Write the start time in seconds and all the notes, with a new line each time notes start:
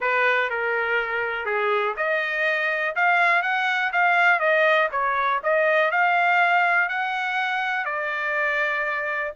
0.00 B4
0.49 A#4
1.45 G#4
1.96 D#5
2.95 F5
3.42 F#5
3.92 F5
4.39 D#5
4.91 C#5
5.43 D#5
5.91 F5
6.88 F#5
7.85 D5